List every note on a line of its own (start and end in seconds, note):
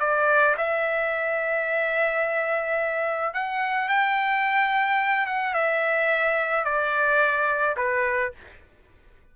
0.00 0.56 D5
0.58 3.34 E5
3.34 3.89 F#5
3.89 5.26 G5
5.26 5.54 F#5
5.54 6.65 E5
6.65 7.76 D5
7.77 8.32 B4